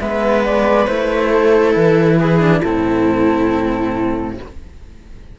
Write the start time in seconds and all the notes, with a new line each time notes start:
0.00 G#3 B3 B4 E5
0.45 D5
0.87 A3 E4 C5
1.30 A4
1.75 E3 B4
2.20 G#4
2.40 D4
2.61 A2 C4 E4 A4